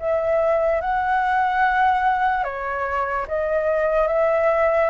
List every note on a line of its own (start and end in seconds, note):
0.00 0.81 E5
0.81 2.44 F#5
2.44 3.27 C#5
3.28 4.08 D#5
4.08 4.90 E5